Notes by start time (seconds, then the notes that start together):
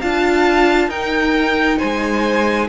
0.00 D4 F4 F5 A5
0.88 D#4 A#4 G5
1.78 G#3 C5 G#5